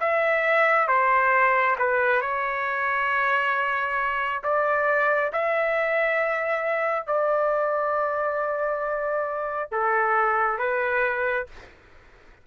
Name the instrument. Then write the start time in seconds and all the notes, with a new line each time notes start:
trumpet
0.00 E5
0.88 C5
1.78 B4
2.21 C#5
4.43 D5
5.32 E5
7.06 D5
9.71 A4
10.58 B4